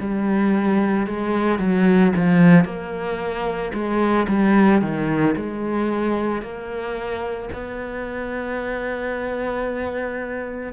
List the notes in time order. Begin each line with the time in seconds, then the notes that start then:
0.00 G3
1.07 G#3
1.59 F#3
2.16 F3
2.65 A#3
3.74 G#3
4.29 G3
4.82 D#3
5.36 G#3
6.43 A#3
7.53 B3